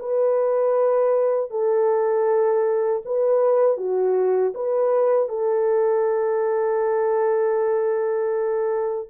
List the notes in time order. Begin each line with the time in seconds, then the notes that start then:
0.00 B4
1.51 A4
3.06 B4
3.78 F#4
4.55 B4
5.29 A4